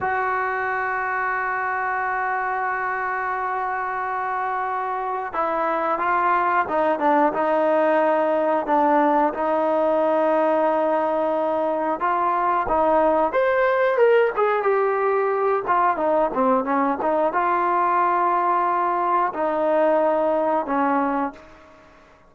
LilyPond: \new Staff \with { instrumentName = "trombone" } { \time 4/4 \tempo 4 = 90 fis'1~ | fis'1 | e'4 f'4 dis'8 d'8 dis'4~ | dis'4 d'4 dis'2~ |
dis'2 f'4 dis'4 | c''4 ais'8 gis'8 g'4. f'8 | dis'8 c'8 cis'8 dis'8 f'2~ | f'4 dis'2 cis'4 | }